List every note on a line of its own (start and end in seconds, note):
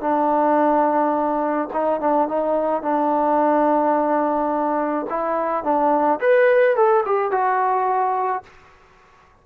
0.00 1.68 D4
1.73 2.00 D#4
2.00 2.28 D4
2.28 2.82 D#4
2.82 5.06 D4
5.09 5.63 E4
5.63 6.19 D4
6.20 6.76 B4
6.76 7.04 A4
7.05 7.31 G4
7.31 8.43 F#4